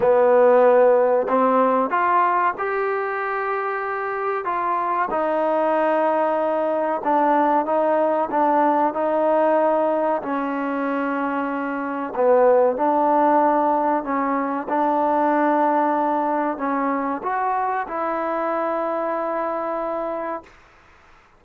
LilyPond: \new Staff \with { instrumentName = "trombone" } { \time 4/4 \tempo 4 = 94 b2 c'4 f'4 | g'2. f'4 | dis'2. d'4 | dis'4 d'4 dis'2 |
cis'2. b4 | d'2 cis'4 d'4~ | d'2 cis'4 fis'4 | e'1 | }